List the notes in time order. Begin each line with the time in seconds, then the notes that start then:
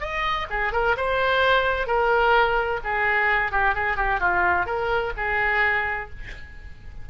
0.00 D#5
0.50 G#4
0.72 A#4
0.96 C5
1.86 A#4
2.83 G#4
3.51 G4
3.74 G#4
3.96 G4
4.20 F4
4.66 A#4
5.16 G#4